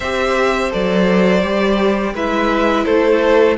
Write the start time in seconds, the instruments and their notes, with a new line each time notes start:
0.00 cello C4, viola G4, violin C5 E5
0.70 cello F#3, viola A4, violin D5
1.42 cello G3, viola G4
2.14 cello G#3, viola E4, violin B4 E5
2.85 cello A3, violin A4 C5